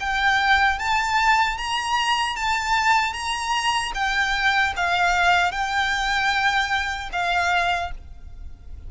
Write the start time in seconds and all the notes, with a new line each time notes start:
0.00 G5
0.79 A5
1.58 A#5
2.36 A5
3.13 A#5
3.94 G5
4.77 F5
5.52 G5
7.12 F5